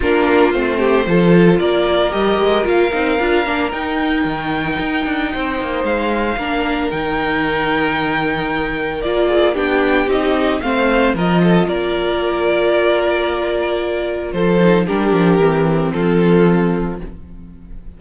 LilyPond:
<<
  \new Staff \with { instrumentName = "violin" } { \time 4/4 \tempo 4 = 113 ais'4 c''2 d''4 | dis''4 f''2 g''4~ | g''2. f''4~ | f''4 g''2.~ |
g''4 d''4 g''4 dis''4 | f''4 dis''4 d''2~ | d''2. c''4 | ais'2 a'2 | }
  \new Staff \with { instrumentName = "violin" } { \time 4/4 f'4. g'8 a'4 ais'4~ | ais'1~ | ais'2 c''2 | ais'1~ |
ais'4. gis'8 g'2 | c''4 ais'8 a'8 ais'2~ | ais'2. a'4 | g'2 f'2 | }
  \new Staff \with { instrumentName = "viola" } { \time 4/4 d'4 c'4 f'2 | g'4 f'8 dis'8 f'8 d'8 dis'4~ | dis'1 | d'4 dis'2.~ |
dis'4 f'4 d'4 dis'4 | c'4 f'2.~ | f'2.~ f'8 dis'8 | d'4 c'2. | }
  \new Staff \with { instrumentName = "cello" } { \time 4/4 ais4 a4 f4 ais4 | g8 gis8 ais8 c'8 d'8 ais8 dis'4 | dis4 dis'8 d'8 c'8 ais8 gis4 | ais4 dis2.~ |
dis4 ais4 b4 c'4 | a4 f4 ais2~ | ais2. f4 | g8 f8 e4 f2 | }
>>